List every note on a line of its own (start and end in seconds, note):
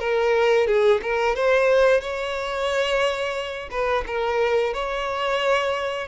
0.00 0.67 A#4
0.67 1.01 G#4
1.02 1.36 A#4
1.36 2.01 C5
2.01 3.70 C#5
3.71 4.04 B4
4.07 4.74 A#4
4.74 6.08 C#5